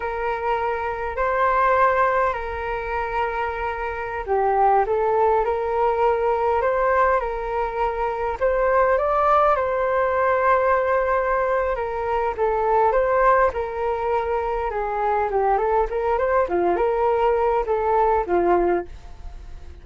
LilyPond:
\new Staff \with { instrumentName = "flute" } { \time 4/4 \tempo 4 = 102 ais'2 c''2 | ais'2.~ ais'16 g'8.~ | g'16 a'4 ais'2 c''8.~ | c''16 ais'2 c''4 d''8.~ |
d''16 c''2.~ c''8. | ais'4 a'4 c''4 ais'4~ | ais'4 gis'4 g'8 a'8 ais'8 c''8 | f'8 ais'4. a'4 f'4 | }